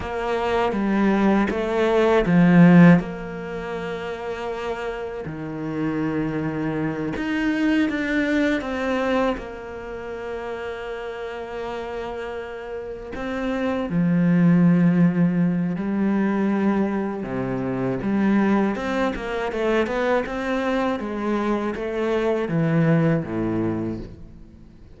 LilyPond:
\new Staff \with { instrumentName = "cello" } { \time 4/4 \tempo 4 = 80 ais4 g4 a4 f4 | ais2. dis4~ | dis4. dis'4 d'4 c'8~ | c'8 ais2.~ ais8~ |
ais4. c'4 f4.~ | f4 g2 c4 | g4 c'8 ais8 a8 b8 c'4 | gis4 a4 e4 a,4 | }